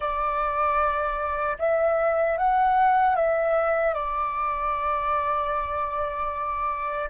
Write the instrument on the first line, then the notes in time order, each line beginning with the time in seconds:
flute
0.00 D5
1.58 E5
2.37 F#5
3.15 E5
3.94 D5